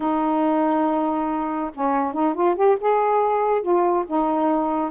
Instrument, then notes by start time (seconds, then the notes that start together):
saxophone
0.00 D#4
1.74 C#4
2.13 D#4
2.34 F4
2.55 G4
2.80 G#4
3.62 F4
4.06 D#4